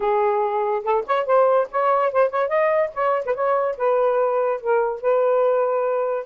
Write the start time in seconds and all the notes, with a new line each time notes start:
0.00 G#4
0.83 A4
1.06 C#5
1.26 C5
1.71 C#5
2.12 C5
2.30 C#5
2.48 D#5
2.94 C#5
3.25 B4
3.34 C#5
3.77 B4
4.60 A#4
5.01 B4